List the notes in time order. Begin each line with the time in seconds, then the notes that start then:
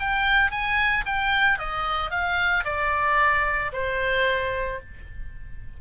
0.00 G5
0.51 G#5
1.06 G5
1.59 D#5
2.11 F5
2.64 D5
3.73 C5